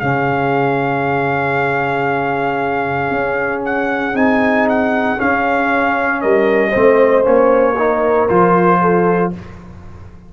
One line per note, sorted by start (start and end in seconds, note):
0.00 3.11 C#3
0.00 4.14 C#4
0.00 6.21 G#4
0.00 3.62 F5
3.11 4.14 C#4
3.65 4.16 F#5
4.14 5.17 C4
4.14 5.17 D#4
4.14 4.68 G#5
4.69 5.20 F#5
5.17 6.72 C#4
5.17 6.23 C#4
5.17 6.21 F5
6.21 6.75 G3
6.21 6.70 A#4
6.21 7.25 D#5
6.70 7.25 A3
6.70 7.23 C4
6.70 7.74 C5
7.23 8.29 A#3
7.23 7.74 C#4
7.23 8.29 C#5
7.77 8.29 D#4
7.77 8.81 A#4
8.29 9.33 F3
8.29 9.32 F4
8.29 9.32 C5
8.81 9.33 A4